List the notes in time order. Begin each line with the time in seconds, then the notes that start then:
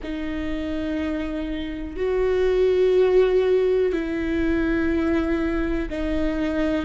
0.02 D#4
1.96 F#4
3.92 E4
5.89 D#4